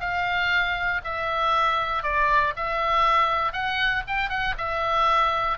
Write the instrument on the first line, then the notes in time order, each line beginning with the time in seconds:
oboe
0.00 F5
1.04 E5
2.03 D5
2.56 E5
3.52 F#5
4.07 G5
4.29 F#5
4.58 E5